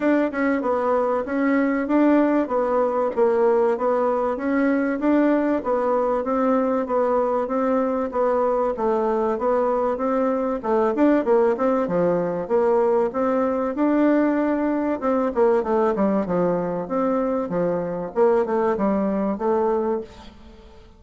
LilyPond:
\new Staff \with { instrumentName = "bassoon" } { \time 4/4 \tempo 4 = 96 d'8 cis'8 b4 cis'4 d'4 | b4 ais4 b4 cis'4 | d'4 b4 c'4 b4 | c'4 b4 a4 b4 |
c'4 a8 d'8 ais8 c'8 f4 | ais4 c'4 d'2 | c'8 ais8 a8 g8 f4 c'4 | f4 ais8 a8 g4 a4 | }